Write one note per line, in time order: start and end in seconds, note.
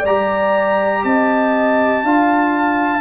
0.00 1.04 G3
0.00 1.00 D5
0.06 2.06 G4
0.06 1.04 A#5
1.04 2.04 C4
1.04 2.05 D#5
1.04 3.01 A5
2.04 3.01 D4
2.04 3.01 F4
2.04 3.01 F5